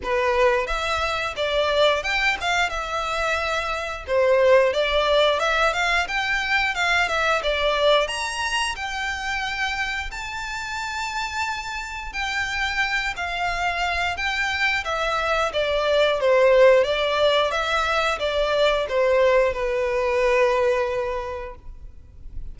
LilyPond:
\new Staff \with { instrumentName = "violin" } { \time 4/4 \tempo 4 = 89 b'4 e''4 d''4 g''8 f''8 | e''2 c''4 d''4 | e''8 f''8 g''4 f''8 e''8 d''4 | ais''4 g''2 a''4~ |
a''2 g''4. f''8~ | f''4 g''4 e''4 d''4 | c''4 d''4 e''4 d''4 | c''4 b'2. | }